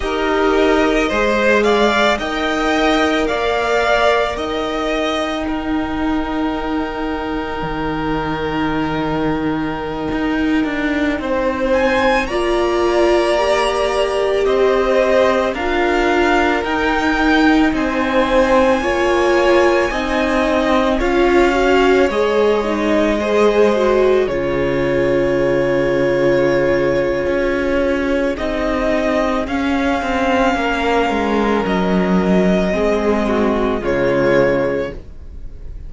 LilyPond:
<<
  \new Staff \with { instrumentName = "violin" } { \time 4/4 \tempo 4 = 55 dis''4. f''8 g''4 f''4 | g''1~ | g''2~ g''8. gis''8 ais''8.~ | ais''4~ ais''16 dis''4 f''4 g''8.~ |
g''16 gis''2. f''8.~ | f''16 dis''2 cis''4.~ cis''16~ | cis''2 dis''4 f''4~ | f''4 dis''2 cis''4 | }
  \new Staff \with { instrumentName = "violin" } { \time 4/4 ais'4 c''8 d''8 dis''4 d''4 | dis''4 ais'2.~ | ais'2~ ais'16 c''4 d''8.~ | d''4~ d''16 c''4 ais'4.~ ais'16~ |
ais'16 c''4 cis''4 dis''4 cis''8.~ | cis''4~ cis''16 c''4 gis'4.~ gis'16~ | gis'1 | ais'2 gis'8 fis'8 f'4 | }
  \new Staff \with { instrumentName = "viola" } { \time 4/4 g'4 gis'4 ais'2~ | ais'4 dis'2.~ | dis'2.~ dis'16 f'8.~ | f'16 g'2 f'4 dis'8.~ |
dis'4~ dis'16 f'4 dis'4 f'8 fis'16~ | fis'16 gis'8 dis'8 gis'8 fis'8 f'4.~ f'16~ | f'2 dis'4 cis'4~ | cis'2 c'4 gis4 | }
  \new Staff \with { instrumentName = "cello" } { \time 4/4 dis'4 gis4 dis'4 ais4 | dis'2. dis4~ | dis4~ dis16 dis'8 d'8 c'4 ais8.~ | ais4~ ais16 c'4 d'4 dis'8.~ |
dis'16 c'4 ais4 c'4 cis'8.~ | cis'16 gis2 cis4.~ cis16~ | cis4 cis'4 c'4 cis'8 c'8 | ais8 gis8 fis4 gis4 cis4 | }
>>